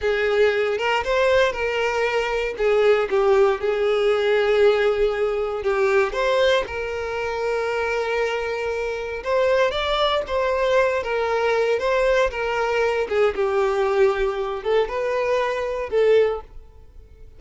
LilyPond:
\new Staff \with { instrumentName = "violin" } { \time 4/4 \tempo 4 = 117 gis'4. ais'8 c''4 ais'4~ | ais'4 gis'4 g'4 gis'4~ | gis'2. g'4 | c''4 ais'2.~ |
ais'2 c''4 d''4 | c''4. ais'4. c''4 | ais'4. gis'8 g'2~ | g'8 a'8 b'2 a'4 | }